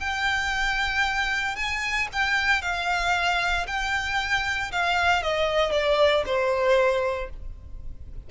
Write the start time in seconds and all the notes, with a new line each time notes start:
0.00 G5
1.56 G#5
2.13 G5
2.62 F5
3.68 G5
4.72 F5
5.23 D#5
5.72 D5
6.26 C5